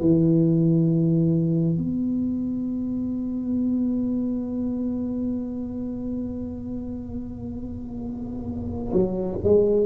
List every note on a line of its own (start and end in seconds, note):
0.00 1.77 E3
1.77 8.93 B3
8.93 9.37 F#3
9.44 9.86 G#3